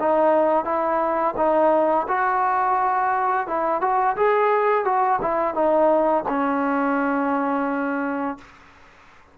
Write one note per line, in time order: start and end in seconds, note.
0.00 0.65 D#4
0.65 1.35 E4
1.37 2.07 D#4
2.08 3.47 F#4
3.47 3.82 E4
3.82 4.16 F#4
4.17 4.85 G#4
4.85 5.20 F#4
5.22 5.55 E4
5.55 6.24 D#4
6.29 8.38 C#4